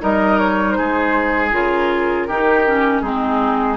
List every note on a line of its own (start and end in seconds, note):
0.00 0.79 G3
0.00 1.52 D#4
0.00 0.78 A#4
0.00 0.39 D#5
0.39 0.72 C#5
0.72 1.48 C5
0.78 1.53 G#3
0.78 2.28 G#4
1.52 2.29 C#3
1.52 2.28 F4
1.52 3.01 A#4
2.28 3.03 D#3
2.28 2.67 D#4
2.28 3.02 G4
2.67 3.04 C#4
3.01 3.78 G#3
3.01 3.78 C4
3.01 3.78 D#4
3.01 3.77 G#4